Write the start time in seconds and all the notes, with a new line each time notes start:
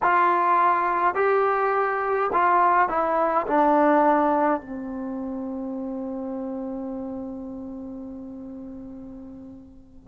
0.02 F4
1.14 G4
2.32 F4
2.88 E4
3.47 D4
4.60 C4